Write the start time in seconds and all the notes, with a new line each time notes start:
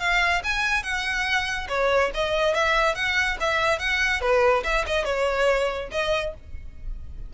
0.00 F5
0.44 G#5
0.83 F#5
1.69 C#5
2.15 D#5
2.55 E5
2.95 F#5
3.40 E5
3.79 F#5
4.21 B4
4.64 E5
4.87 D#5
5.05 C#5
5.92 D#5